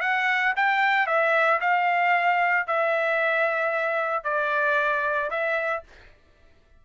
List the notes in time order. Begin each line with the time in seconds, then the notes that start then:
0.00 F#5
0.56 G5
1.06 E5
1.60 F5
2.66 E5
4.23 D5
5.30 E5